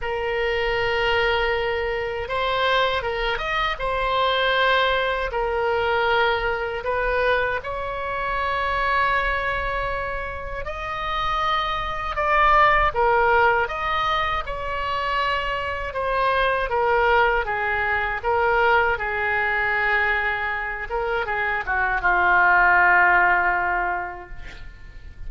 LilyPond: \new Staff \with { instrumentName = "oboe" } { \time 4/4 \tempo 4 = 79 ais'2. c''4 | ais'8 dis''8 c''2 ais'4~ | ais'4 b'4 cis''2~ | cis''2 dis''2 |
d''4 ais'4 dis''4 cis''4~ | cis''4 c''4 ais'4 gis'4 | ais'4 gis'2~ gis'8 ais'8 | gis'8 fis'8 f'2. | }